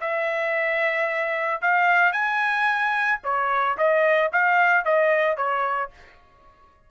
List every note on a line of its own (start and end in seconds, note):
0.00 1.61 E5
1.61 2.12 F5
2.12 3.19 G#5
3.23 3.77 C#5
3.77 4.31 D#5
4.32 4.84 F5
4.84 5.36 D#5
5.36 5.90 C#5